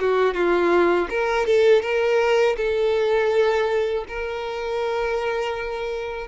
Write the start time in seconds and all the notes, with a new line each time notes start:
0.00 F#4
0.34 F4
1.10 A#4
1.46 A4
1.82 A#4
2.57 A4
4.08 A#4